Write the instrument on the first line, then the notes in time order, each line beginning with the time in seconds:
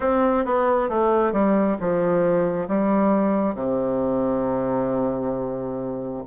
bassoon
0.00 C4
0.45 B3
0.89 A3
1.32 G3
1.80 F3
2.68 G3
3.55 C3